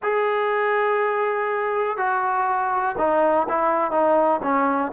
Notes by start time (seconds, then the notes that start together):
0.03 G#4
1.97 F#4
2.98 D#4
3.48 E4
3.91 D#4
4.43 C#4